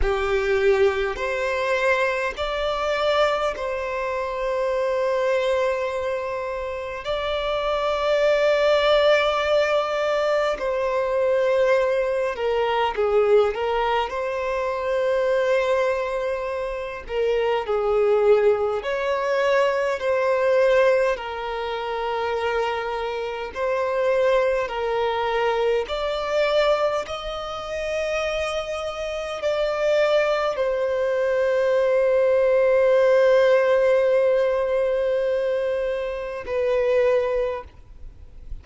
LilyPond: \new Staff \with { instrumentName = "violin" } { \time 4/4 \tempo 4 = 51 g'4 c''4 d''4 c''4~ | c''2 d''2~ | d''4 c''4. ais'8 gis'8 ais'8 | c''2~ c''8 ais'8 gis'4 |
cis''4 c''4 ais'2 | c''4 ais'4 d''4 dis''4~ | dis''4 d''4 c''2~ | c''2. b'4 | }